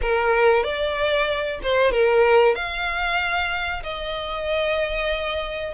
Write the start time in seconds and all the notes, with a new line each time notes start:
0.01 A#4
0.63 D5
1.62 C5
1.91 A#4
2.55 F5
3.83 D#5